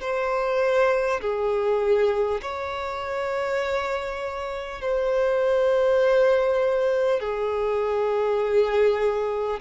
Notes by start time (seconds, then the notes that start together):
0.00 C5
1.21 G#4
2.42 C#5
4.81 C5
7.19 G#4